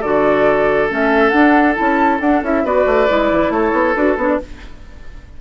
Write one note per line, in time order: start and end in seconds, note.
0.00 0.90 D3
0.00 0.89 F#4
0.00 2.63 A4
0.00 0.89 D5
0.89 1.32 A3
0.89 1.31 C#4
0.89 1.29 E5
1.29 1.74 D4
1.29 1.76 D4
1.29 1.73 F#5
1.74 2.20 C#4
1.74 2.18 E4
1.74 2.20 A5
2.20 2.42 D4
2.20 2.43 D4
2.20 2.42 F#5
2.42 2.63 C#4
2.42 2.64 E4
2.42 2.65 E5
2.63 2.85 B3
2.63 3.08 F#4
2.63 3.52 B4
2.63 3.52 D5
2.85 3.07 A3
3.08 3.31 G#3
3.08 3.96 E4
3.31 3.49 E3
3.49 3.71 A3
3.49 4.41 A4
3.49 3.94 C#5
3.72 3.94 B3
3.94 4.16 D4
3.94 4.18 F#4
3.94 4.16 B4
4.16 4.38 B3
4.16 4.40 D4
4.16 4.28 C#5
4.28 4.39 D5